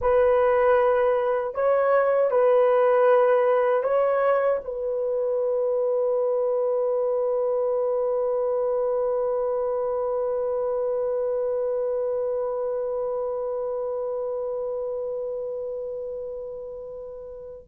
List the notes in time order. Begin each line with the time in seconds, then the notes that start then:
0.01 B4
1.54 C#5
2.30 B4
3.83 C#5
4.64 B4